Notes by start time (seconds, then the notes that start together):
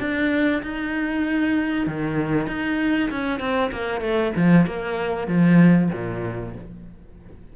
0.00 D4
0.63 D#4
1.87 D#3
2.47 D#4
3.11 C#4
3.40 C4
3.72 A#3
4.01 A3
4.37 F3
4.66 A#3
5.28 F3
5.93 A#2